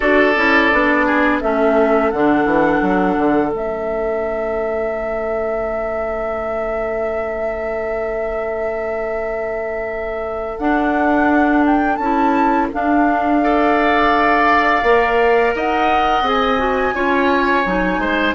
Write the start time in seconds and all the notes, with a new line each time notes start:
0.00 D4 F#4 A4 D5
0.36 C#4 E4
0.71 B3 D4
1.06 G#4
1.40 A3 C#4 A4 E5
2.11 D3 D4 F#5
2.45 E3
2.81 F#3
3.17 D3
3.51 A3 C#4 E5
10.58 D4 F#5
11.65 G5
11.96 C#4 E4 A5
12.72 D4 F5
13.41 A4 D5
14.82 A#3 A#4
15.54 D#4 D#5 F#5
16.22 C4 G#4 G#5
16.58 F#4
16.94 C#4 F4 C#5
17.65 F#3 D#4
17.98 G#3 C5